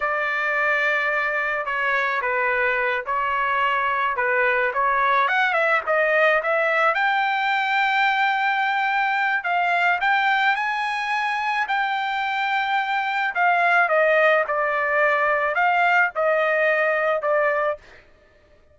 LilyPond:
\new Staff \with { instrumentName = "trumpet" } { \time 4/4 \tempo 4 = 108 d''2. cis''4 | b'4. cis''2 b'8~ | b'8 cis''4 fis''8 e''8 dis''4 e''8~ | e''8 g''2.~ g''8~ |
g''4 f''4 g''4 gis''4~ | gis''4 g''2. | f''4 dis''4 d''2 | f''4 dis''2 d''4 | }